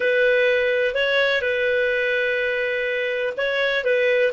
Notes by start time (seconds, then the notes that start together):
0.00 B4
0.94 C#5
1.41 B4
3.37 C#5
3.84 B4